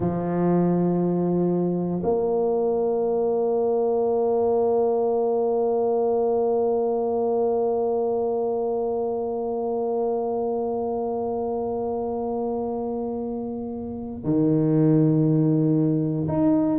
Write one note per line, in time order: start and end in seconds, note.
0.00 2.01 F3
2.03 14.23 A#3
14.23 16.27 D#3
16.28 16.78 D#4